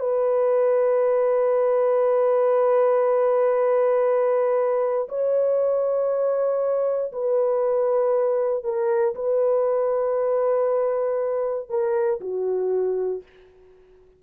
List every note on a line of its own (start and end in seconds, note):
0.00 5.08 B4
5.09 7.12 C#5
7.12 8.64 B4
8.64 9.15 A#4
9.15 11.69 B4
11.69 12.20 A#4
12.21 13.23 F#4